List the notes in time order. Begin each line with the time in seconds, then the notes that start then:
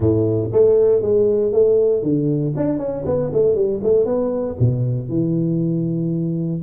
0.00 A2
0.52 A3
1.01 G#3
1.52 A3
2.02 D3
2.56 D4
2.78 C#4
3.05 B3
3.33 A3
3.55 G3
3.83 A3
4.05 B3
4.59 B2
5.08 E3